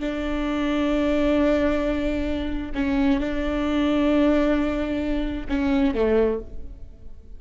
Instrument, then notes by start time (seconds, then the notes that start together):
viola
0.00 D4
2.75 C#4
3.20 D4
5.50 C#4
5.95 A3